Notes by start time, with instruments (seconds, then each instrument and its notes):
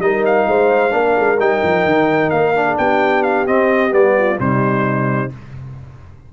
0.00 tuba G3, trombone D#4, horn A#4, trumpet D#5
0.26 trumpet F5
0.47 tuba G#3, horn C5
0.90 tuba A#3, trombone D4, horn A#4
1.19 tuba G#3
1.40 tuba G3, trombone D#4, trumpet G5
1.64 tuba F3
1.86 tuba D#3
2.30 tuba A#3, trumpet F5
2.55 trombone D4
2.66 horn G#4
2.78 tuba B3, horn G4, trumpet G5
3.23 trumpet F5
3.47 trombone C4, tuba C4, trumpet D#5
3.91 tuba G3, trombone B3, trumpet D5
4.18 horn F4
4.38 tuba C3, trombone G3, horn D#4, trumpet C5